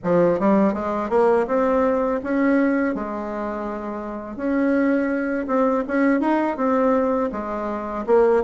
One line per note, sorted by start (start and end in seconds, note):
0.03 0.39 F3
0.39 0.73 G3
0.73 1.09 G#3
1.09 1.46 A#3
1.47 2.20 C4
2.23 2.95 C#4
2.95 4.36 G#3
4.36 5.46 C#4
5.47 5.84 C4
5.87 6.20 C#4
6.20 6.57 D#4
6.57 7.30 C4
7.32 8.05 G#3
8.06 8.43 A#3